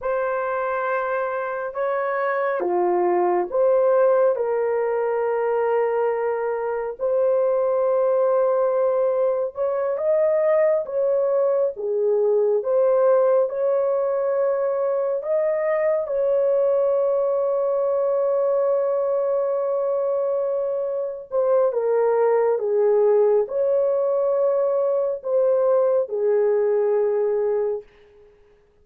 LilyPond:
\new Staff \with { instrumentName = "horn" } { \time 4/4 \tempo 4 = 69 c''2 cis''4 f'4 | c''4 ais'2. | c''2. cis''8 dis''8~ | dis''8 cis''4 gis'4 c''4 cis''8~ |
cis''4. dis''4 cis''4.~ | cis''1~ | cis''8 c''8 ais'4 gis'4 cis''4~ | cis''4 c''4 gis'2 | }